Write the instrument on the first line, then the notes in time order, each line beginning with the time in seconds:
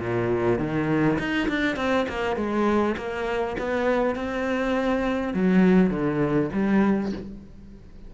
cello
0.00 A#2
0.59 D#3
1.19 D#4
1.49 D4
1.77 C4
2.09 A#3
2.37 G#3
2.98 A#3
3.59 B3
4.16 C4
5.34 F#3
5.91 D3
6.53 G3